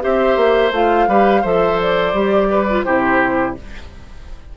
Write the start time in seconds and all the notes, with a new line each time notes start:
0.00 C4 G4 C5 E5
0.36 A#3
0.71 A3 F4 F5
1.07 G3 G4 B4
1.41 F3 A4 C5 E5
1.81 D5
2.13 G3 G4
2.50 B4
2.69 F4
2.84 C3 E4 G4 C5